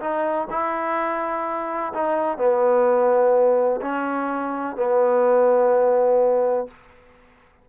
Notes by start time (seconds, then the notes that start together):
0.00 D#4
0.50 E4
1.93 D#4
2.37 B3
3.81 C#4
4.76 B3